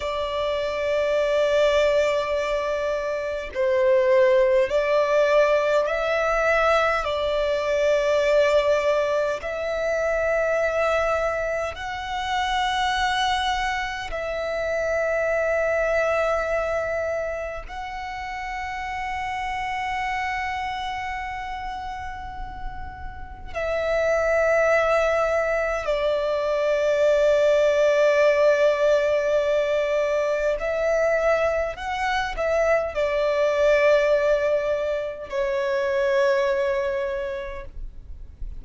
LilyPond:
\new Staff \with { instrumentName = "violin" } { \time 4/4 \tempo 4 = 51 d''2. c''4 | d''4 e''4 d''2 | e''2 fis''2 | e''2. fis''4~ |
fis''1 | e''2 d''2~ | d''2 e''4 fis''8 e''8 | d''2 cis''2 | }